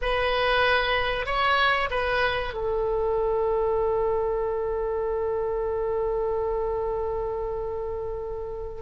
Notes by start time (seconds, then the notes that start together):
0.01 B4
1.26 C#5
1.90 B4
2.53 A4